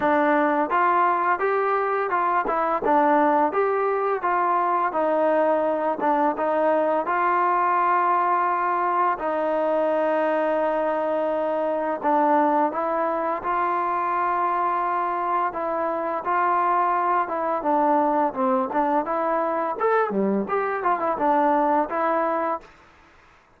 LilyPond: \new Staff \with { instrumentName = "trombone" } { \time 4/4 \tempo 4 = 85 d'4 f'4 g'4 f'8 e'8 | d'4 g'4 f'4 dis'4~ | dis'8 d'8 dis'4 f'2~ | f'4 dis'2.~ |
dis'4 d'4 e'4 f'4~ | f'2 e'4 f'4~ | f'8 e'8 d'4 c'8 d'8 e'4 | a'8 g8 g'8 f'16 e'16 d'4 e'4 | }